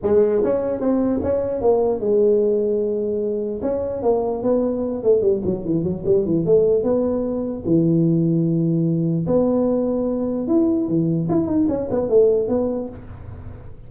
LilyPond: \new Staff \with { instrumentName = "tuba" } { \time 4/4 \tempo 4 = 149 gis4 cis'4 c'4 cis'4 | ais4 gis2.~ | gis4 cis'4 ais4 b4~ | b8 a8 g8 fis8 e8 fis8 g8 e8 |
a4 b2 e4~ | e2. b4~ | b2 e'4 e4 | e'8 dis'8 cis'8 b8 a4 b4 | }